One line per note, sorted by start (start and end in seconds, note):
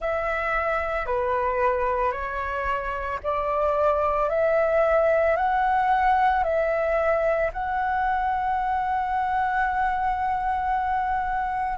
0.00 1.06 E5
1.06 2.12 B4
2.12 3.19 C#5
3.23 4.29 D5
4.29 5.36 E5
5.36 6.43 F#5
6.43 7.50 E5
7.52 11.78 F#5